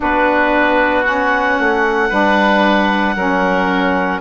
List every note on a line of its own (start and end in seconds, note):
0.00 1.59 B3
0.00 1.04 D4
0.00 2.09 F#4
0.00 1.04 B4
1.04 2.09 C#4
1.04 4.20 F#5
1.59 2.11 A3
2.09 3.15 G3
2.09 3.15 D4
2.09 3.14 B4
3.15 4.21 F#3
3.15 4.21 C#4
3.15 4.21 A#4